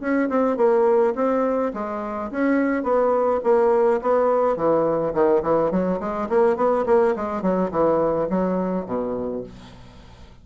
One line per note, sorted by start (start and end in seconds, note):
0.00 0.29 C#4
0.29 0.57 C4
0.57 1.14 A#3
1.15 1.72 C4
1.74 2.31 G#3
2.31 2.83 C#4
2.83 3.40 B3
3.43 4.01 A#3
4.02 4.56 B3
4.56 5.14 E3
5.14 5.42 D#3
5.43 5.71 E3
5.71 5.99 F#3
6.00 6.29 G#3
6.29 6.56 A#3
6.56 6.85 B3
6.86 7.15 A#3
7.16 7.42 G#3
7.42 7.70 F#3
7.71 8.28 E3
8.30 8.86 F#3
8.86 9.43 B2